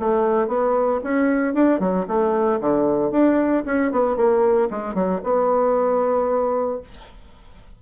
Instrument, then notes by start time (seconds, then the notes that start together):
bassoon
0.00 A3
0.48 B3
1.04 C#4
1.54 D4
1.80 F#3
2.08 A3
2.61 D3
3.11 D4
3.66 C#4
3.92 B3
4.17 A#3
4.71 G#3
4.95 F#3
5.24 B3